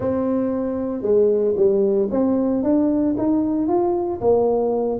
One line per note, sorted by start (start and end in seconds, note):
0.00 1.02 C4
1.02 1.54 G#3
1.56 2.09 G3
2.11 2.63 C4
2.63 3.15 D4
3.17 3.67 D#4
3.67 4.20 F4
4.20 4.99 A#3